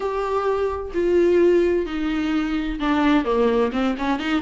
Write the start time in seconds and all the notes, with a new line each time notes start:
0.00 G4
0.93 F4
1.86 D#4
2.79 D4
3.24 A#3
3.72 C4
3.98 C#4
4.19 D#4